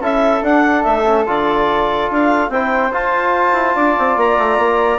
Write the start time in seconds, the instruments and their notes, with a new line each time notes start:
0.00 bassoon C#4, trombone E4, flute A4, clarinet E5
0.42 bassoon D4, trombone D4, clarinet F#5
0.83 bassoon A3, clarinet E5
1.06 trombone C#4
1.26 bassoon D3, trombone F4, clarinet D5
2.11 bassoon D4, clarinet F5
2.49 bassoon C4, trombone E4, flute C5, clarinet G5
2.92 trombone F4, bassoon F4, clarinet A5
3.53 bassoon E4
3.75 bassoon D4, flute D5
3.98 bassoon C4
4.16 bassoon A#3, clarinet A#5
4.38 bassoon A3
4.58 bassoon A#3